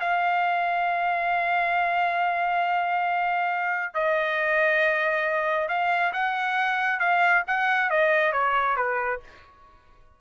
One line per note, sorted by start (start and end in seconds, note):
0.00 3.94 F5
3.94 5.68 D#5
5.68 6.12 F5
6.13 6.99 F#5
6.99 7.43 F5
7.47 7.90 F#5
7.90 8.32 D#5
8.32 8.76 C#5
8.76 9.20 B4